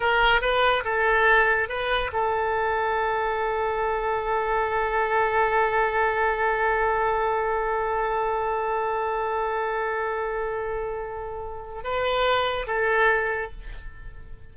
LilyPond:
\new Staff \with { instrumentName = "oboe" } { \time 4/4 \tempo 4 = 142 ais'4 b'4 a'2 | b'4 a'2.~ | a'1~ | a'1~ |
a'1~ | a'1~ | a'1 | b'2 a'2 | }